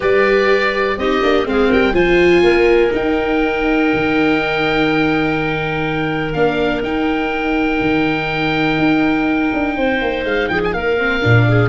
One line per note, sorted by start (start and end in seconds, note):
0.00 0.97 G3
0.00 0.97 G4
0.00 0.97 B4
0.00 0.98 D5
0.97 1.21 C4
0.97 1.21 D#4
0.97 1.47 G4
0.97 1.47 D#5
1.21 1.45 A#3
1.21 1.45 D4
1.45 1.69 G#3
1.45 1.93 C4
1.45 1.68 G#4
1.45 1.72 F5
1.68 1.94 G3
1.68 1.92 A#4
1.68 1.95 G5
1.93 2.42 F3
1.93 2.90 F4
1.93 2.43 C5
1.93 2.92 G#5
2.43 2.92 A#3
2.43 9.75 A#4
2.90 6.32 D#4
2.90 3.92 D#4
2.90 6.33 G5
3.93 6.33 D#3
6.33 6.82 A#3
6.33 6.83 D4
6.33 6.82 F5
6.82 7.79 D#4
6.82 10.97 D#4
6.82 10.24 G5
7.81 8.77 D#3
8.77 9.51 D#4
9.53 9.77 D4
9.77 10.01 C4
9.77 10.50 C5
10.01 10.24 A#3
10.24 10.48 G#3
10.24 10.48 F5
10.48 10.73 F3
10.48 10.74 G#4
10.48 10.60 G5
10.64 10.73 G#5
10.73 11.22 A#3
10.73 11.47 A#4
10.73 11.69 F5
10.97 11.21 C4
11.21 11.69 A#2
11.21 11.69 D4
11.48 11.69 G#4